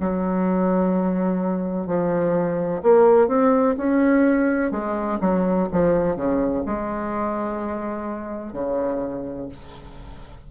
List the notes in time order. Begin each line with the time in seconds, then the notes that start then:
0.00 F#3
1.87 F3
2.83 A#3
3.28 C4
3.77 C#4
4.71 G#3
5.20 F#3
5.72 F3
6.16 C#3
6.66 G#3
8.53 C#3